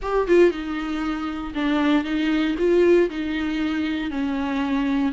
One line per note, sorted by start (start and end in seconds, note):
0.01 0.27 G4
0.27 0.51 F4
0.51 1.53 D#4
1.54 2.04 D4
2.04 2.55 D#4
2.58 3.09 F4
3.10 4.10 D#4
4.10 5.12 C#4